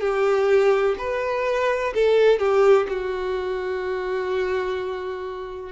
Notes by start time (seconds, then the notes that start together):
0.00 G4
0.98 B4
1.94 A4
2.39 G4
2.89 F#4